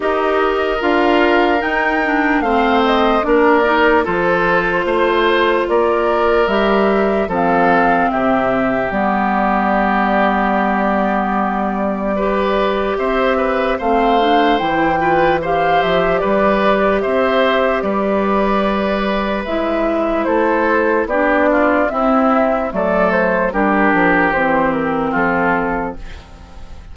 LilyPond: <<
  \new Staff \with { instrumentName = "flute" } { \time 4/4 \tempo 4 = 74 dis''4 f''4 g''4 f''8 dis''8 | d''4 c''2 d''4 | e''4 f''4 e''4 d''4~ | d''1 |
e''4 f''4 g''4 f''8 e''8 | d''4 e''4 d''2 | e''4 c''4 d''4 e''4 | d''8 c''8 ais'4 c''8 ais'8 a'4 | }
  \new Staff \with { instrumentName = "oboe" } { \time 4/4 ais'2. c''4 | ais'4 a'4 c''4 ais'4~ | ais'4 a'4 g'2~ | g'2. b'4 |
c''8 b'8 c''4. b'8 c''4 | b'4 c''4 b'2~ | b'4 a'4 g'8 f'8 e'4 | a'4 g'2 f'4 | }
  \new Staff \with { instrumentName = "clarinet" } { \time 4/4 g'4 f'4 dis'8 d'8 c'4 | d'8 dis'8 f'2. | g'4 c'2 b4~ | b2. g'4~ |
g'4 c'8 d'8 e'8 f'8 g'4~ | g'1 | e'2 d'4 c'4 | a4 d'4 c'2 | }
  \new Staff \with { instrumentName = "bassoon" } { \time 4/4 dis'4 d'4 dis'4 a4 | ais4 f4 a4 ais4 | g4 f4 c4 g4~ | g1 |
c'4 a4 e4. f8 | g4 c'4 g2 | gis4 a4 b4 c'4 | fis4 g8 f8 e4 f4 | }
>>